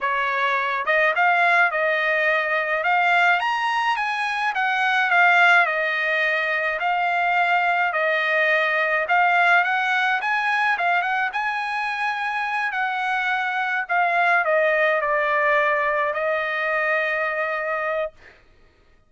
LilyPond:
\new Staff \with { instrumentName = "trumpet" } { \time 4/4 \tempo 4 = 106 cis''4. dis''8 f''4 dis''4~ | dis''4 f''4 ais''4 gis''4 | fis''4 f''4 dis''2 | f''2 dis''2 |
f''4 fis''4 gis''4 f''8 fis''8 | gis''2~ gis''8 fis''4.~ | fis''8 f''4 dis''4 d''4.~ | d''8 dis''2.~ dis''8 | }